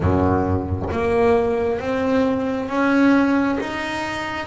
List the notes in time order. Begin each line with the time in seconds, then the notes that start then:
0.00 F#2
0.91 A#3
1.79 C4
2.68 C#4
3.60 D#4